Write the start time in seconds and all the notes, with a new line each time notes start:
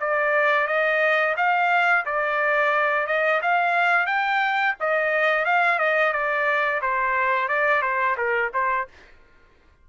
0.00 D5
0.67 D#5
1.37 F5
2.06 D5
3.07 D#5
3.42 F5
4.07 G5
4.80 D#5
5.45 F5
5.79 D#5
6.13 D5
6.82 C5
7.49 D5
7.82 C5
8.17 A#4
8.54 C5